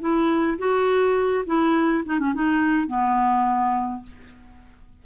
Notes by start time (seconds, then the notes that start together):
0.00 E4
0.58 F#4
1.46 E4
2.05 D#4
2.19 C#4
2.34 D#4
2.87 B3